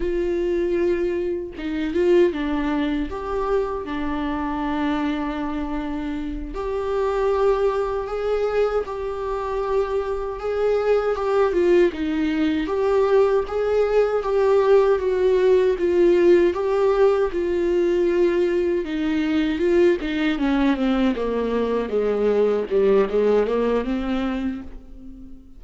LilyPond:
\new Staff \with { instrumentName = "viola" } { \time 4/4 \tempo 4 = 78 f'2 dis'8 f'8 d'4 | g'4 d'2.~ | d'8 g'2 gis'4 g'8~ | g'4. gis'4 g'8 f'8 dis'8~ |
dis'8 g'4 gis'4 g'4 fis'8~ | fis'8 f'4 g'4 f'4.~ | f'8 dis'4 f'8 dis'8 cis'8 c'8 ais8~ | ais8 gis4 g8 gis8 ais8 c'4 | }